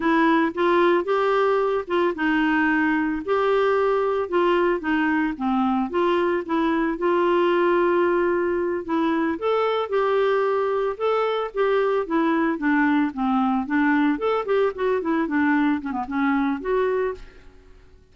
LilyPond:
\new Staff \with { instrumentName = "clarinet" } { \time 4/4 \tempo 4 = 112 e'4 f'4 g'4. f'8 | dis'2 g'2 | f'4 dis'4 c'4 f'4 | e'4 f'2.~ |
f'8 e'4 a'4 g'4.~ | g'8 a'4 g'4 e'4 d'8~ | d'8 c'4 d'4 a'8 g'8 fis'8 | e'8 d'4 cis'16 b16 cis'4 fis'4 | }